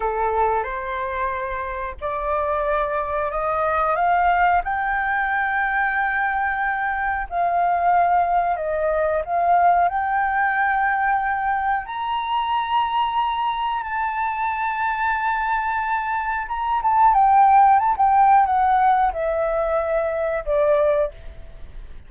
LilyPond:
\new Staff \with { instrumentName = "flute" } { \time 4/4 \tempo 4 = 91 a'4 c''2 d''4~ | d''4 dis''4 f''4 g''4~ | g''2. f''4~ | f''4 dis''4 f''4 g''4~ |
g''2 ais''2~ | ais''4 a''2.~ | a''4 ais''8 a''8 g''4 a''16 g''8. | fis''4 e''2 d''4 | }